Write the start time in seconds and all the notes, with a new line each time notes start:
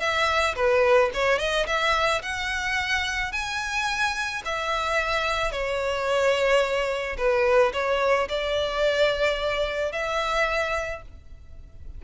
0.00 E5
0.56 B4
1.14 C#5
1.39 D#5
1.67 E5
2.22 F#5
3.33 G#5
4.45 E5
5.52 C#5
7.18 B4
7.73 C#5
8.29 D5
9.92 E5